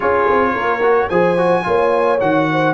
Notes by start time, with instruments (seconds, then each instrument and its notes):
0.00 tuba C#4, trombone F4, horn G#4, trumpet C#5
0.29 tuba C4
0.53 tuba A#3, horn A#4
0.82 trombone F#4
1.09 tuba F3, trombone G#4, horn C5, trumpet G#5
1.37 trombone F#4
1.63 tuba A#3, trombone F4, horn C#5
2.19 tuba D#3, trombone F#4, trumpet F#5
2.51 horn C5